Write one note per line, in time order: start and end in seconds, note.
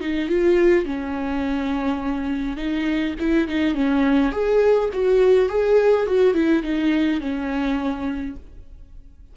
0.00 0.28 D#4
0.28 0.85 F4
0.85 2.57 C#4
2.57 3.14 D#4
3.19 3.48 E4
3.48 3.74 D#4
3.74 4.32 C#4
4.32 4.90 G#4
4.93 5.49 F#4
5.49 6.06 G#4
6.06 6.34 F#4
6.34 6.63 E4
6.63 7.20 D#4
7.20 8.36 C#4